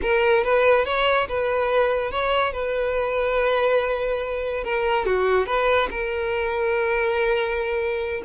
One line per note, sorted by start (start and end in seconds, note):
0.01 0.44 A#4
0.44 0.85 B4
0.85 1.27 C#5
1.28 2.11 B4
2.11 2.52 C#5
2.52 4.63 B4
4.63 5.05 A#4
5.05 5.46 F#4
5.46 5.88 B4
5.90 8.22 A#4